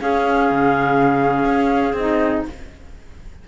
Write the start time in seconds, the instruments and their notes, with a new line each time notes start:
0.00 clarinet C#4 G#4, cello C#4, flute F5
0.50 cello C#3
1.45 cello C#4
1.93 cello C4, clarinet D#4, flute D#5